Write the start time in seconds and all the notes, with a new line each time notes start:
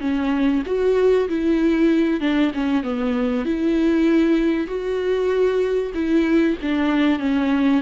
0.00 C#4
0.66 F#4
1.28 E4
2.20 D4
2.54 C#4
2.83 B3
3.45 E4
4.67 F#4
5.94 E4
6.61 D4
7.19 C#4